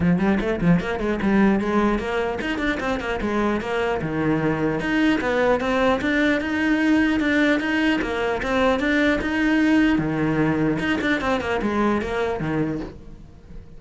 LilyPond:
\new Staff \with { instrumentName = "cello" } { \time 4/4 \tempo 4 = 150 f8 g8 a8 f8 ais8 gis8 g4 | gis4 ais4 dis'8 d'8 c'8 ais8 | gis4 ais4 dis2 | dis'4 b4 c'4 d'4 |
dis'2 d'4 dis'4 | ais4 c'4 d'4 dis'4~ | dis'4 dis2 dis'8 d'8 | c'8 ais8 gis4 ais4 dis4 | }